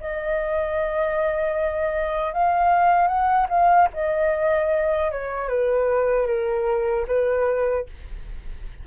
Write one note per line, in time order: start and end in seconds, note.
0.00 2.33 D#5
2.33 3.07 F5
3.07 3.47 F#5
3.49 3.88 F5
3.93 5.11 D#5
5.11 5.49 C#5
5.49 6.27 B4
6.27 7.06 A#4
7.07 7.86 B4